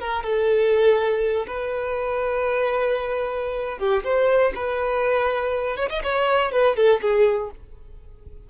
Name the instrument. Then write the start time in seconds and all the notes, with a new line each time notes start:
violin
0.00 A#4
0.23 A4
1.47 B4
3.78 G4
4.04 C5
4.55 B4
5.76 C#5
5.89 D#5
6.03 C#5
6.51 B4
6.76 A4
7.01 G#4